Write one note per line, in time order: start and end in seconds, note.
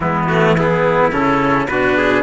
0.00 1.10 E3
0.00 0.29 G#3
0.00 0.56 B3
0.00 0.26 E4
0.27 0.57 A3
0.27 0.55 F#4
0.56 1.12 B3
0.56 1.68 E4
0.56 1.12 G#4
1.12 1.67 C#3
1.12 1.68 C#4
1.12 1.67 A4
1.67 2.22 B2
1.67 2.22 D4
1.67 1.97 F#4
1.67 2.22 B4
1.97 2.22 G#4